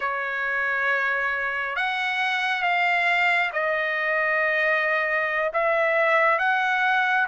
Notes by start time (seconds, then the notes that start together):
0.00 C#5
1.76 F#5
2.62 F5
3.53 D#5
5.53 E5
6.39 F#5